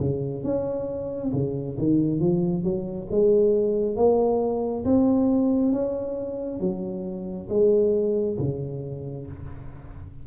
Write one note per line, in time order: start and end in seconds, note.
0.00 0.44 C#3
0.44 1.32 C#4
1.33 1.77 C#3
1.78 2.21 D#3
2.21 2.64 F3
2.64 3.08 F#3
3.11 3.97 G#3
3.97 4.85 A#3
4.85 5.73 C4
5.73 6.61 C#4
6.61 7.49 F#3
7.50 8.38 G#3
8.39 9.27 C#3